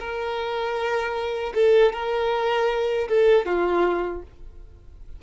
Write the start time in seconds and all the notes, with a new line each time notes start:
0.00 A#4
1.55 A4
1.93 A#4
3.09 A4
3.46 F4